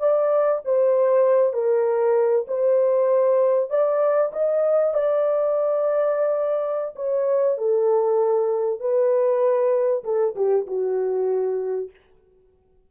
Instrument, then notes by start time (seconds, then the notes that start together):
horn
0.00 D5
0.65 C5
1.54 A#4
2.48 C5
3.70 D5
4.33 D#5
4.94 D5
6.96 C#5
7.58 A4
8.80 B4
10.05 A4
10.36 G4
10.67 F#4